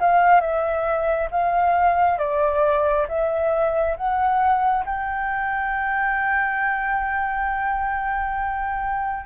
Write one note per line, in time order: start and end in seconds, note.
0.00 0.41 F5
0.41 1.29 E5
1.31 2.18 F5
2.18 3.06 D5
3.08 3.97 E5
3.97 4.85 F#5
4.85 9.26 G5